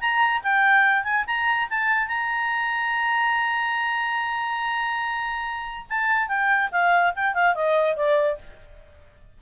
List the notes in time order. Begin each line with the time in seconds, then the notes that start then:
0.00 A#5
0.43 G5
1.04 G#5
1.26 A#5
1.69 A5
2.08 A#5
5.89 A5
6.28 G5
6.71 F5
7.15 G5
7.34 F5
7.54 D#5
7.96 D5